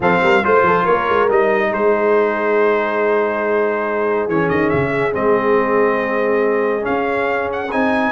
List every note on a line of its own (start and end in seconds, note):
0.00 0.21 F3
0.00 0.43 C4
0.00 0.22 A4
0.00 0.44 F5
0.22 0.43 G3
0.22 0.44 A#4
0.43 0.62 A3
0.43 1.28 F4
0.43 0.86 C5
0.43 0.67 C5
0.62 0.83 F3
0.62 0.83 A4
0.83 1.08 A#3
0.83 1.69 A#4
0.83 1.28 C#5
1.08 1.29 G#3
1.29 1.72 G3
1.29 4.29 D#4
1.29 1.73 D#5
1.71 4.28 G#3
1.71 8.12 G#4
1.71 4.29 C5
4.28 4.49 E3
4.28 5.12 C#4
4.28 4.49 C#5
4.49 4.71 D#3
4.49 4.69 D#5
4.69 5.14 C#3
4.69 5.12 E5
5.12 6.86 G#3
5.12 6.81 C4
5.12 6.85 D#5
6.81 7.67 C#4
6.81 7.49 F5
6.88 7.72 C#4
7.52 7.71 F#5
7.71 8.12 C4
7.71 8.12 D#4
7.71 8.12 G#5